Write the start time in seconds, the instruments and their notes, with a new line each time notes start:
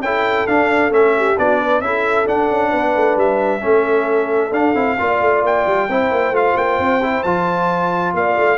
0.00 tuba C#4, trombone E4, horn A4, trumpet G5
0.47 tuba D4, trombone D4, trumpet F5
0.90 tuba A3, trombone C#4, trumpet E5
1.17 horn G4
1.37 tuba B3, trombone D4, horn F#4, trumpet D5
1.59 horn B4
1.80 tuba C#4, trombone E4, horn A4, trumpet E5
2.26 trombone D4, tuba D4, trumpet F#5
2.50 tuba C#4
2.70 tuba B3, horn B4
2.95 tuba A3
3.16 tuba G3, trumpet E5
3.60 tuba A3, trombone C#4, horn A4
4.51 tuba D4, trombone D4, trumpet F5
4.75 tuba C4, trombone E4
4.98 tuba A#3, trombone F4, horn D5
5.20 tuba A3
5.42 tuba A#3, trumpet G5
5.66 tuba G3
5.88 tuba C4, trombone E4, horn C5
6.11 tuba A#3
6.31 tuba A3, trombone F4, trumpet F5
6.56 tuba A#3, trumpet G5
6.79 tuba C4
7.02 trombone E4
7.23 tuba F3, trombone F4, trumpet A5
8.14 tuba A#3, horn D5, trumpet F5
8.37 tuba A3